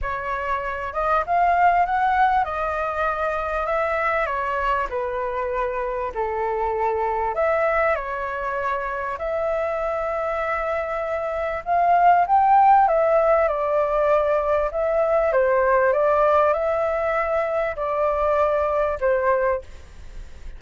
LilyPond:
\new Staff \with { instrumentName = "flute" } { \time 4/4 \tempo 4 = 98 cis''4. dis''8 f''4 fis''4 | dis''2 e''4 cis''4 | b'2 a'2 | e''4 cis''2 e''4~ |
e''2. f''4 | g''4 e''4 d''2 | e''4 c''4 d''4 e''4~ | e''4 d''2 c''4 | }